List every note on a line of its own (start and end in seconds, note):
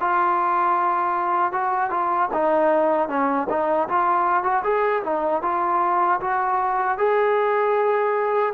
0.00 1.52 F4
1.52 1.90 F#4
1.90 2.29 F4
2.33 3.08 D#4
3.08 3.47 C#4
3.49 3.88 D#4
3.88 4.43 F4
4.43 4.62 F#4
4.64 5.03 G#4
5.03 5.42 D#4
5.42 6.20 F4
6.20 6.97 F#4
6.97 8.53 G#4